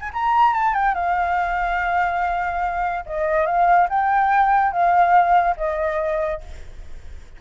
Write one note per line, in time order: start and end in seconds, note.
0.00 0.10 G#5
0.13 0.53 A#5
0.53 0.74 A5
0.74 0.94 G5
0.94 3.04 F5
3.06 3.46 D#5
3.46 3.88 F5
3.89 4.72 G5
4.72 5.56 F5
5.57 6.41 D#5